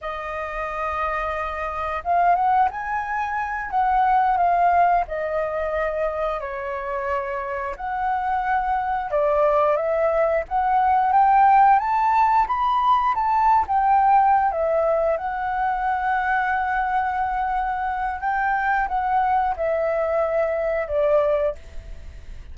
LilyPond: \new Staff \with { instrumentName = "flute" } { \time 4/4 \tempo 4 = 89 dis''2. f''8 fis''8 | gis''4. fis''4 f''4 dis''8~ | dis''4. cis''2 fis''8~ | fis''4. d''4 e''4 fis''8~ |
fis''8 g''4 a''4 b''4 a''8~ | a''16 g''4~ g''16 e''4 fis''4.~ | fis''2. g''4 | fis''4 e''2 d''4 | }